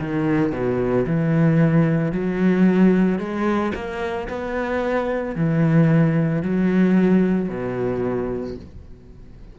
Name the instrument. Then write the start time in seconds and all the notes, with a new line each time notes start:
cello
0.00 D#3
0.52 B2
1.07 E3
2.12 F#3
3.19 G#3
3.75 A#3
4.29 B3
5.36 E3
6.43 F#3
7.49 B2